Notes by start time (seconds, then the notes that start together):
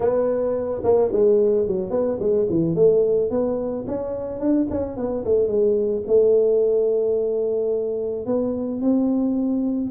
0.00 B3
0.83 A#3
1.12 G#3
1.67 F#3
1.90 B3
2.19 G#3
2.49 E3
2.75 A3
3.30 B3
3.87 C#4
4.39 D4
4.70 C#4
4.97 B3
5.24 A3
5.47 G#3
6.07 A3
8.26 B3
8.81 C4